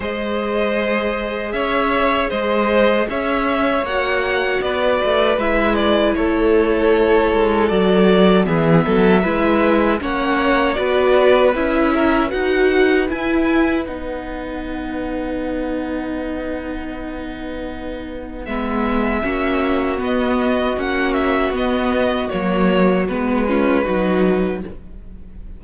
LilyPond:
<<
  \new Staff \with { instrumentName = "violin" } { \time 4/4 \tempo 4 = 78 dis''2 e''4 dis''4 | e''4 fis''4 d''4 e''8 d''8 | cis''2 d''4 e''4~ | e''4 fis''4 d''4 e''4 |
fis''4 gis''4 fis''2~ | fis''1 | e''2 dis''4 fis''8 e''8 | dis''4 cis''4 b'2 | }
  \new Staff \with { instrumentName = "violin" } { \time 4/4 c''2 cis''4 c''4 | cis''2 b'2 | a'2. gis'8 a'8 | b'4 cis''4 b'4. ais'8 |
b'1~ | b'1~ | b'4 fis'2.~ | fis'2~ fis'8 f'8 fis'4 | }
  \new Staff \with { instrumentName = "viola" } { \time 4/4 gis'1~ | gis'4 fis'2 e'4~ | e'2 fis'4 b4 | e'4 cis'4 fis'4 e'4 |
fis'4 e'4 dis'2~ | dis'1 | b4 cis'4 b4 cis'4 | b4 ais4 b8 cis'8 dis'4 | }
  \new Staff \with { instrumentName = "cello" } { \time 4/4 gis2 cis'4 gis4 | cis'4 ais4 b8 a8 gis4 | a4. gis8 fis4 e8 fis8 | gis4 ais4 b4 cis'4 |
dis'4 e'4 b2~ | b1 | gis4 ais4 b4 ais4 | b4 fis4 gis4 fis4 | }
>>